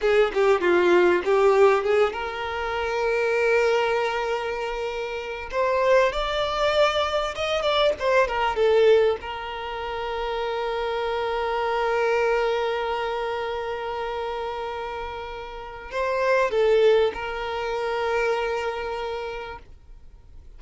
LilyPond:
\new Staff \with { instrumentName = "violin" } { \time 4/4 \tempo 4 = 98 gis'8 g'8 f'4 g'4 gis'8 ais'8~ | ais'1~ | ais'4 c''4 d''2 | dis''8 d''8 c''8 ais'8 a'4 ais'4~ |
ais'1~ | ais'1~ | ais'2 c''4 a'4 | ais'1 | }